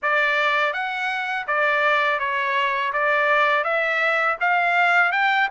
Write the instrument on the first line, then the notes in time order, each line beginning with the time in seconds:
trumpet
0.02 D5
0.73 F#5
1.47 D5
2.19 C#5
2.92 D5
3.64 E5
4.40 F5
5.12 G5